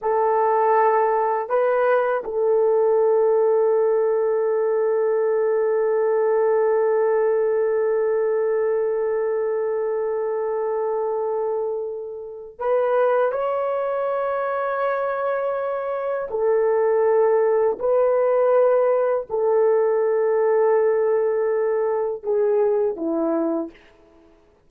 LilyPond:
\new Staff \with { instrumentName = "horn" } { \time 4/4 \tempo 4 = 81 a'2 b'4 a'4~ | a'1~ | a'1~ | a'1~ |
a'4 b'4 cis''2~ | cis''2 a'2 | b'2 a'2~ | a'2 gis'4 e'4 | }